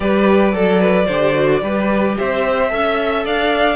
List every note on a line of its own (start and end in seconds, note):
0.00 0.53 G3
0.00 0.52 G4
0.00 0.54 B4
0.00 2.16 D5
0.52 1.07 F#3
0.52 1.06 A4
0.52 0.80 A4
0.80 1.06 B4
1.06 1.62 D3
1.06 1.33 G4
1.06 1.60 C5
1.33 1.60 F#4
1.60 2.16 G3
1.60 2.69 G4
1.60 2.17 B4
2.18 2.72 C4
2.18 2.72 C5
2.18 3.26 E5
2.69 3.25 C#4
2.69 3.76 A4
2.69 3.24 E5
3.24 3.76 D4
3.24 3.76 D5
3.24 3.76 F5